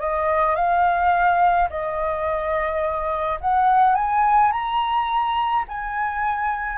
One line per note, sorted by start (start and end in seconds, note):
0.00 0.56 D#5
0.56 1.69 F5
1.70 3.40 D#5
3.41 3.95 F#5
3.95 4.52 G#5
4.52 5.65 A#5
5.69 6.78 G#5